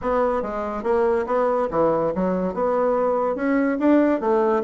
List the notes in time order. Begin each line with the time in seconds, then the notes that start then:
0.01 B3
0.42 G#3
0.83 A#3
1.26 B3
1.70 E3
2.14 F#3
2.54 B3
3.35 C#4
3.79 D4
4.20 A3